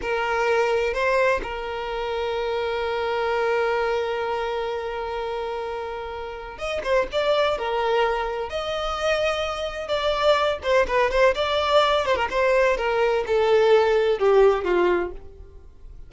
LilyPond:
\new Staff \with { instrumentName = "violin" } { \time 4/4 \tempo 4 = 127 ais'2 c''4 ais'4~ | ais'1~ | ais'1~ | ais'2 dis''8 c''8 d''4 |
ais'2 dis''2~ | dis''4 d''4. c''8 b'8 c''8 | d''4. c''16 ais'16 c''4 ais'4 | a'2 g'4 f'4 | }